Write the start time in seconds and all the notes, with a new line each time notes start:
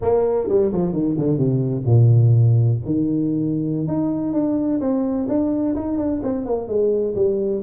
0.01 A#3
0.48 G3
0.72 F3
0.93 D#3
1.18 D3
1.37 C3
1.85 A#2
2.85 D#3
3.87 D#4
4.33 D4
4.80 C4
5.28 D4
5.75 D#4
5.97 D4
6.22 C4
6.45 A#3
6.68 G#3
7.15 G3